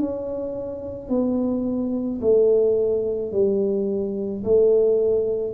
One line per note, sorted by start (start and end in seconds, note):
0.00 1.09 C#4
1.09 2.20 B3
2.22 3.33 A3
3.33 4.44 G3
4.44 5.54 A3